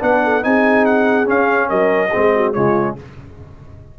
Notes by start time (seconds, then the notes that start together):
0.00 B3 D4 B4 F#5
0.24 A4
0.43 C4 D#4 G#4 G#5
0.85 F#5
1.25 C#4 F5
1.69 F#3 A#4 D#5
2.11 G#3 C4 G#4
2.36 F#4
2.54 C#3 G#3 F4 C#5